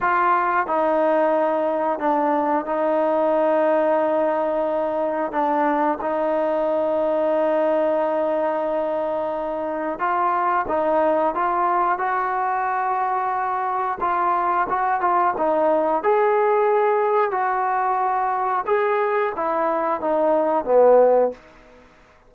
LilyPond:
\new Staff \with { instrumentName = "trombone" } { \time 4/4 \tempo 4 = 90 f'4 dis'2 d'4 | dis'1 | d'4 dis'2.~ | dis'2. f'4 |
dis'4 f'4 fis'2~ | fis'4 f'4 fis'8 f'8 dis'4 | gis'2 fis'2 | gis'4 e'4 dis'4 b4 | }